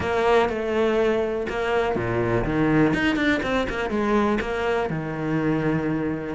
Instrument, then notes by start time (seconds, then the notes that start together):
cello
0.00 A#3
0.49 A3
1.49 A#3
1.95 A#2
2.44 D#3
2.93 D#4
3.16 D4
3.42 C4
3.69 A#3
3.90 G#3
4.40 A#3
4.89 D#3